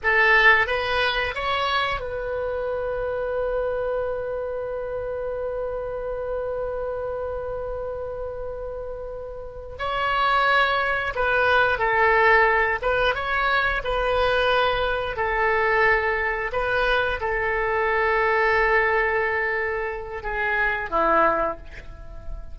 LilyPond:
\new Staff \with { instrumentName = "oboe" } { \time 4/4 \tempo 4 = 89 a'4 b'4 cis''4 b'4~ | b'1~ | b'1~ | b'2~ b'8 cis''4.~ |
cis''8 b'4 a'4. b'8 cis''8~ | cis''8 b'2 a'4.~ | a'8 b'4 a'2~ a'8~ | a'2 gis'4 e'4 | }